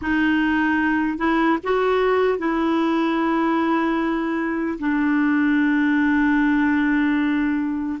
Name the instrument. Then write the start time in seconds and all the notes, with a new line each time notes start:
clarinet
0.01 D#4
1.17 E4
1.63 F#4
2.38 E4
4.79 D4